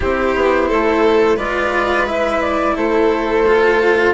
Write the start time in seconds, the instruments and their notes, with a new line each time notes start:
0.00 bassoon C4, cello E4, violin G4, flute C5
0.35 bassoon B3
0.68 bassoon A3, violin A4
1.36 bassoon G#3, cello F4, violin B4, flute D5
2.06 cello E4, flute E5
2.41 flute D5
2.76 bassoon A3, violin A4, flute C5
3.47 cello F4